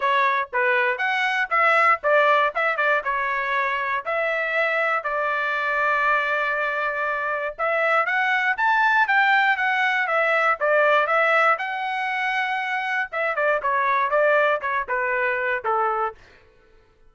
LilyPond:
\new Staff \with { instrumentName = "trumpet" } { \time 4/4 \tempo 4 = 119 cis''4 b'4 fis''4 e''4 | d''4 e''8 d''8 cis''2 | e''2 d''2~ | d''2. e''4 |
fis''4 a''4 g''4 fis''4 | e''4 d''4 e''4 fis''4~ | fis''2 e''8 d''8 cis''4 | d''4 cis''8 b'4. a'4 | }